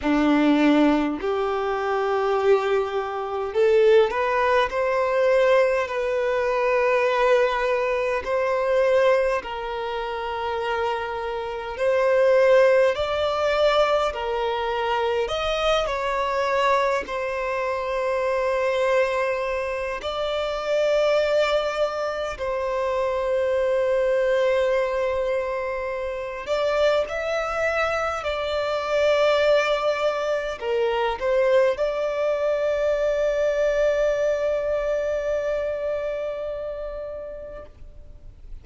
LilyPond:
\new Staff \with { instrumentName = "violin" } { \time 4/4 \tempo 4 = 51 d'4 g'2 a'8 b'8 | c''4 b'2 c''4 | ais'2 c''4 d''4 | ais'4 dis''8 cis''4 c''4.~ |
c''4 d''2 c''4~ | c''2~ c''8 d''8 e''4 | d''2 ais'8 c''8 d''4~ | d''1 | }